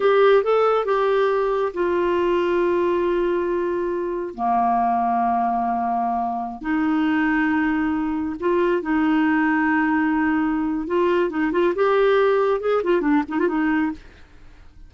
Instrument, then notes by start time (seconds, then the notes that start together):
clarinet
0.00 G4
0.43 A4
0.85 G4
1.73 F4
4.34 A#3
6.61 D#4
8.40 F4
8.82 D#4
10.87 F4
11.29 D#4
11.52 F4
11.75 G4
12.60 G#4
12.83 F4
13.01 D4
13.28 D#4
13.39 F4
13.48 D#4